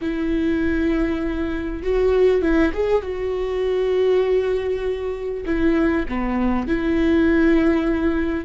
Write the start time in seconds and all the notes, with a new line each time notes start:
0.01 E4
1.83 F#4
2.42 E4
2.73 G#4
3.02 F#4
5.45 E4
6.08 B3
6.67 E4